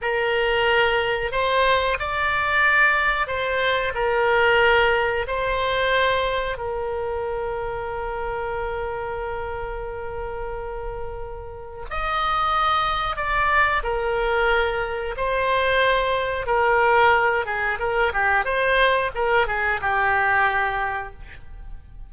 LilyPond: \new Staff \with { instrumentName = "oboe" } { \time 4/4 \tempo 4 = 91 ais'2 c''4 d''4~ | d''4 c''4 ais'2 | c''2 ais'2~ | ais'1~ |
ais'2 dis''2 | d''4 ais'2 c''4~ | c''4 ais'4. gis'8 ais'8 g'8 | c''4 ais'8 gis'8 g'2 | }